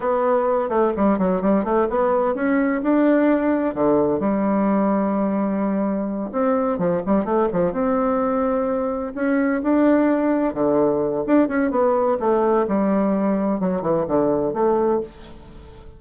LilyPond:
\new Staff \with { instrumentName = "bassoon" } { \time 4/4 \tempo 4 = 128 b4. a8 g8 fis8 g8 a8 | b4 cis'4 d'2 | d4 g2.~ | g4. c'4 f8 g8 a8 |
f8 c'2. cis'8~ | cis'8 d'2 d4. | d'8 cis'8 b4 a4 g4~ | g4 fis8 e8 d4 a4 | }